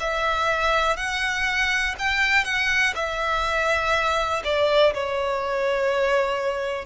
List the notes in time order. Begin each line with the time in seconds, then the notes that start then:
0.00 E5
0.97 F#5
1.99 G5
2.45 F#5
2.95 E5
4.44 D5
4.94 C#5